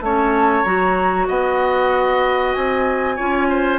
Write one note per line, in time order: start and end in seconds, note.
0.00 0.63 A3
0.00 0.65 C#4
0.00 1.27 C#5
0.00 0.64 A5
0.64 1.28 F#3
0.64 3.17 F#4
0.64 1.27 A#5
1.27 2.55 B3
1.27 3.16 D#5
1.27 2.53 F#5
2.53 3.19 C4
2.53 3.79 G#5
3.16 3.79 C#4
3.16 3.79 F4
3.16 3.47 C#5
3.49 3.79 C5